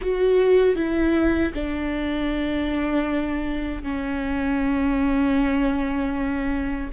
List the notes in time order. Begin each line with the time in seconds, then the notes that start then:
0.01 F#4
0.75 E4
1.53 D4
3.83 C#4